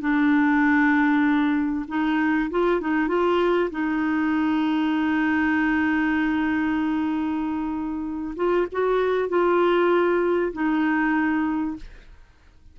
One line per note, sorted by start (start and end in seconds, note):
0.00 1.86 D4
1.88 2.50 D#4
2.50 2.80 F4
2.80 3.08 D#4
3.08 3.70 F4
3.70 8.34 D#4
8.36 8.67 F4
8.72 9.28 F#4
9.28 10.52 F4
10.52 11.76 D#4